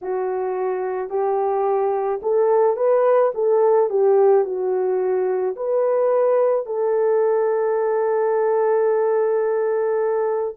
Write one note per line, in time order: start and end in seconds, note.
0.02 1.09 F#4
1.09 2.20 G4
2.22 2.76 A4
2.76 3.31 B4
3.34 3.89 A4
3.89 4.44 G4
4.44 5.56 F#4
5.56 6.66 B4
6.66 10.55 A4